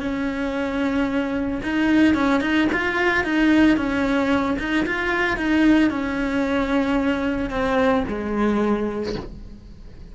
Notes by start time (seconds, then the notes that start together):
0.00 C#4
1.63 D#4
2.14 C#4
2.41 D#4
2.72 F4
3.24 D#4
3.77 C#4
4.59 D#4
4.86 F4
5.37 D#4
5.90 C#4
7.50 C4
8.08 G#3